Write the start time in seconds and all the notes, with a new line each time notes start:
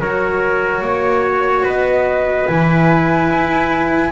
0.00 F#3 F#4 A#4 C#5
0.82 A#3 C#5
1.64 B3 B4 D#5
2.47 E3 E4 G#5
3.32 E4